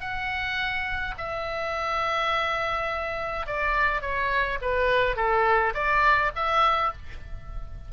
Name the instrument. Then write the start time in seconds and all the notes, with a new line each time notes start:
oboe
0.00 F#5
1.18 E5
3.46 D5
4.01 C#5
4.61 B4
5.16 A4
5.74 D5
6.35 E5